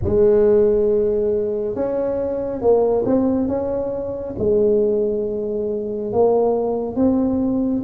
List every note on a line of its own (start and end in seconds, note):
0.03 1.75 G#3
1.75 2.61 C#4
2.61 3.04 A#3
3.05 3.47 C4
3.47 4.34 C#4
4.38 6.12 G#3
6.12 6.95 A#3
6.95 7.82 C4